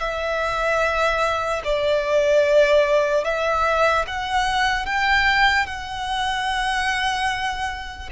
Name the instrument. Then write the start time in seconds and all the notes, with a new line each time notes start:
violin
0.00 E5
1.64 D5
3.24 E5
4.07 F#5
4.85 G5
5.66 F#5